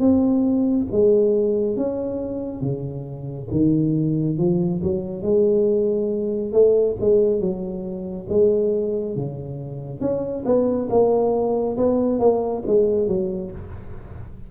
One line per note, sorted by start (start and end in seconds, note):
0.00 0.87 C4
0.92 1.77 G#3
1.77 2.62 C#4
2.62 3.49 C#3
3.51 4.38 D#3
4.38 4.81 F3
4.83 5.23 F#3
5.23 6.53 G#3
6.53 6.96 A3
7.00 7.40 G#3
7.40 8.27 F#3
8.29 9.16 G#3
9.16 10.01 C#3
10.01 10.44 C#4
10.45 10.89 B3
10.90 11.77 A#3
11.77 12.20 B3
12.20 12.63 A#3
12.67 13.08 G#3
13.08 13.51 F#3